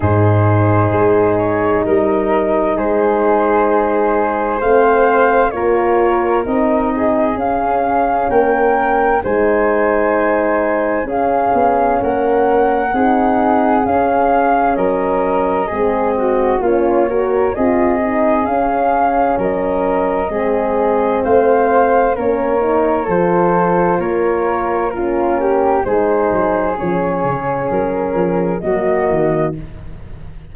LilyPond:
<<
  \new Staff \with { instrumentName = "flute" } { \time 4/4 \tempo 4 = 65 c''4. cis''8 dis''4 c''4~ | c''4 f''4 cis''4 dis''4 | f''4 g''4 gis''2 | f''4 fis''2 f''4 |
dis''2 cis''4 dis''4 | f''4 dis''2 f''4 | cis''4 c''4 cis''4 ais'4 | c''4 cis''4 ais'4 dis''4 | }
  \new Staff \with { instrumentName = "flute" } { \time 4/4 gis'2 ais'4 gis'4~ | gis'4 c''4 ais'4. gis'8~ | gis'4 ais'4 c''2 | gis'4 ais'4 gis'2 |
ais'4 gis'8 fis'8 f'8 ais'8 gis'4~ | gis'4 ais'4 gis'4 c''4 | ais'4 a'4 ais'4 f'8 g'8 | gis'2. fis'4 | }
  \new Staff \with { instrumentName = "horn" } { \time 4/4 dis'1~ | dis'4 c'4 f'4 dis'4 | cis'2 dis'2 | cis'2 dis'4 cis'4~ |
cis'4 c'4 cis'8 fis'8 f'8 dis'8 | cis'2 c'2 | cis'8 dis'8 f'2 cis'4 | dis'4 cis'2 ais4 | }
  \new Staff \with { instrumentName = "tuba" } { \time 4/4 gis,4 gis4 g4 gis4~ | gis4 a4 ais4 c'4 | cis'4 ais4 gis2 | cis'8 b8 ais4 c'4 cis'4 |
fis4 gis4 ais4 c'4 | cis'4 fis4 gis4 a4 | ais4 f4 ais2 | gis8 fis8 f8 cis8 fis8 f8 fis8 dis8 | }
>>